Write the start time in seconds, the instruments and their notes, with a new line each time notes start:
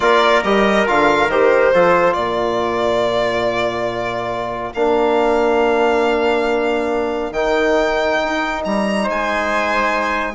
0.00 bassoon A#3, trombone F4, trumpet A#4, violin D5
0.43 bassoon G3, trombone G4, violin D#5
0.86 bassoon D3, trombone F4, violin F5
1.27 bassoon D#3, trombone G4, violin C5
1.74 bassoon F3, trombone F4, trumpet A4
2.13 bassoon A#2, trumpet A#4, violin D5
4.74 bassoon A#3, trombone D4, violin F5
7.31 bassoon D#3, trombone D#4, violin G5
8.24 bassoon D#4
8.65 bassoon G3, violin A#5
9.03 bassoon G#3, trumpet C5
9.10 violin G#5